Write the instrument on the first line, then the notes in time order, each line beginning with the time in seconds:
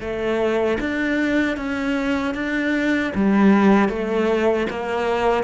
cello
0.00 A3
0.80 D4
1.57 C#4
2.34 D4
3.15 G3
3.89 A3
4.70 A#3